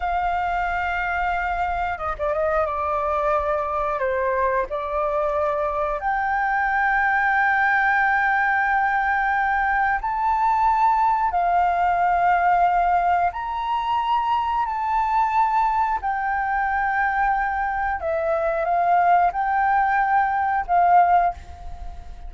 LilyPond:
\new Staff \with { instrumentName = "flute" } { \time 4/4 \tempo 4 = 90 f''2. dis''16 d''16 dis''8 | d''2 c''4 d''4~ | d''4 g''2.~ | g''2. a''4~ |
a''4 f''2. | ais''2 a''2 | g''2. e''4 | f''4 g''2 f''4 | }